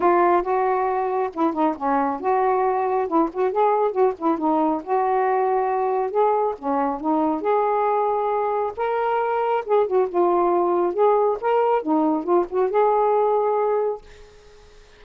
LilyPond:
\new Staff \with { instrumentName = "saxophone" } { \time 4/4 \tempo 4 = 137 f'4 fis'2 e'8 dis'8 | cis'4 fis'2 e'8 fis'8 | gis'4 fis'8 e'8 dis'4 fis'4~ | fis'2 gis'4 cis'4 |
dis'4 gis'2. | ais'2 gis'8 fis'8 f'4~ | f'4 gis'4 ais'4 dis'4 | f'8 fis'8 gis'2. | }